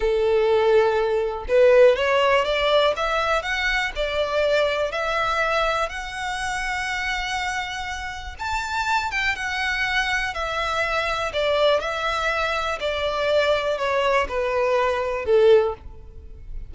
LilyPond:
\new Staff \with { instrumentName = "violin" } { \time 4/4 \tempo 4 = 122 a'2. b'4 | cis''4 d''4 e''4 fis''4 | d''2 e''2 | fis''1~ |
fis''4 a''4. g''8 fis''4~ | fis''4 e''2 d''4 | e''2 d''2 | cis''4 b'2 a'4 | }